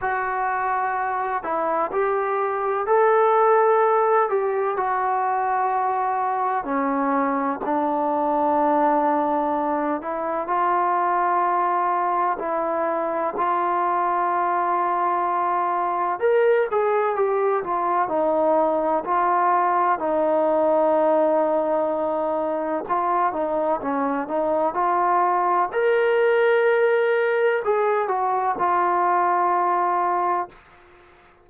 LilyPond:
\new Staff \with { instrumentName = "trombone" } { \time 4/4 \tempo 4 = 63 fis'4. e'8 g'4 a'4~ | a'8 g'8 fis'2 cis'4 | d'2~ d'8 e'8 f'4~ | f'4 e'4 f'2~ |
f'4 ais'8 gis'8 g'8 f'8 dis'4 | f'4 dis'2. | f'8 dis'8 cis'8 dis'8 f'4 ais'4~ | ais'4 gis'8 fis'8 f'2 | }